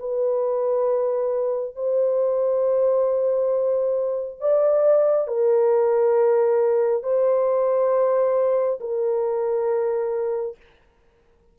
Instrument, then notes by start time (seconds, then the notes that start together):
horn
0.00 B4
1.76 C5
4.40 D5
5.28 A#4
7.03 C5
8.81 A#4